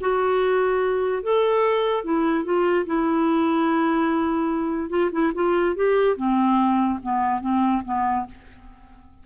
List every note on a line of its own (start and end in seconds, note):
0.00 1.23 F#4
1.23 2.04 A4
2.04 2.44 E4
2.44 2.86 F4
2.86 4.90 E4
4.90 5.10 F4
5.12 5.32 E4
5.34 5.76 F4
5.76 6.16 G4
6.16 6.99 C4
7.02 7.41 B3
7.41 7.82 C4
7.85 8.26 B3